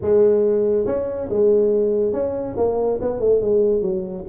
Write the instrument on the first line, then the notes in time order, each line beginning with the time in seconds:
tuba
0.01 G#3
0.85 C#4
1.29 G#3
2.13 C#4
2.56 A#3
3.01 B3
3.19 A3
3.41 G#3
3.81 F#3